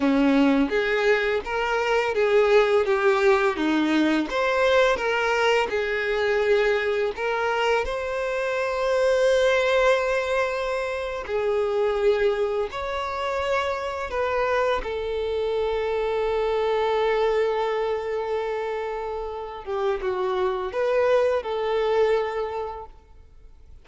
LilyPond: \new Staff \with { instrumentName = "violin" } { \time 4/4 \tempo 4 = 84 cis'4 gis'4 ais'4 gis'4 | g'4 dis'4 c''4 ais'4 | gis'2 ais'4 c''4~ | c''2.~ c''8. gis'16~ |
gis'4.~ gis'16 cis''2 b'16~ | b'8. a'2.~ a'16~ | a'2.~ a'8 g'8 | fis'4 b'4 a'2 | }